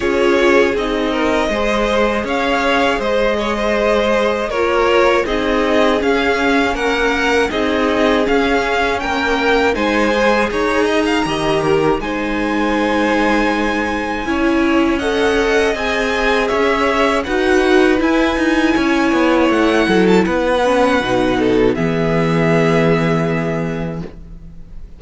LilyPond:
<<
  \new Staff \with { instrumentName = "violin" } { \time 4/4 \tempo 4 = 80 cis''4 dis''2 f''4 | dis''2 cis''4 dis''4 | f''4 fis''4 dis''4 f''4 | g''4 gis''4 ais''2 |
gis''1 | fis''4 gis''4 e''4 fis''4 | gis''2 fis''8. a''16 fis''4~ | fis''4 e''2. | }
  \new Staff \with { instrumentName = "violin" } { \time 4/4 gis'4. ais'8 c''4 cis''4 | c''8 cis''16 c''4~ c''16 ais'4 gis'4~ | gis'4 ais'4 gis'2 | ais'4 c''4 cis''8 dis''16 f''16 dis''8 ais'8 |
c''2. cis''4 | dis''2 cis''4 b'4~ | b'4 cis''4. a'8 b'4~ | b'8 a'8 gis'2. | }
  \new Staff \with { instrumentName = "viola" } { \time 4/4 f'4 dis'4 gis'2~ | gis'2 f'4 dis'4 | cis'2 dis'4 cis'4~ | cis'4 dis'8 gis'4. g'4 |
dis'2. e'4 | a'4 gis'2 fis'4 | e'2.~ e'8 cis'8 | dis'4 b2. | }
  \new Staff \with { instrumentName = "cello" } { \time 4/4 cis'4 c'4 gis4 cis'4 | gis2 ais4 c'4 | cis'4 ais4 c'4 cis'4 | ais4 gis4 dis'4 dis4 |
gis2. cis'4~ | cis'4 c'4 cis'4 dis'4 | e'8 dis'8 cis'8 b8 a8 fis8 b4 | b,4 e2. | }
>>